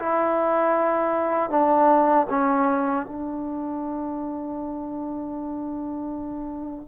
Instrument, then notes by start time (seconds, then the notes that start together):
trombone
0.00 E4
1.51 D4
2.30 C#4
3.07 D4